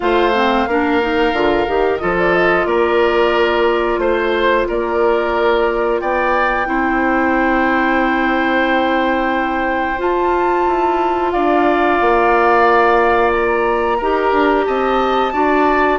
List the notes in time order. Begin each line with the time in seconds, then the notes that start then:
0.00 A3 F4 C5 F5
0.34 C4
0.67 A#3 D4 A#4
1.01 D#4
1.32 D3 F4
1.67 D#3 G4
1.98 F3 F4 A4 D#5
2.18 D5
2.33 D#5
2.65 A#3 A#4 D5
3.98 A3 C5
4.67 A#3 A#4 D5
6.00 B3 D5 G5
6.65 C4 E4 C5
9.97 F4 A5
10.67 E4
11.31 D4 D5 F5
12.00 A#3
13.32 A#5
13.97 D#4 G4 A#4
14.32 D4
14.65 C4 D#5 A5
15.32 D4 F#4 D5